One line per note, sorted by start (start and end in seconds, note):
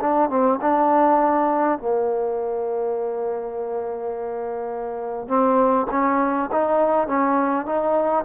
0.00 0.29 D4
0.29 0.59 C4
0.61 1.79 D4
1.79 5.27 A#3
5.27 5.86 C4
5.90 6.49 C#4
6.51 7.07 D#4
7.07 7.66 C#4
7.66 8.25 D#4